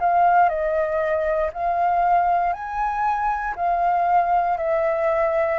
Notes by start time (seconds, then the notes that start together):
0.00 F5
0.49 D#5
1.53 F5
2.53 G#5
3.56 F5
4.58 E5